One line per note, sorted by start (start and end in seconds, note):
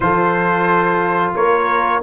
0.00 1.32 F3
0.00 2.02 F4
0.00 1.35 A4
0.00 1.33 C5
1.35 2.02 A#3
1.35 2.02 A#4
1.35 2.02 C#5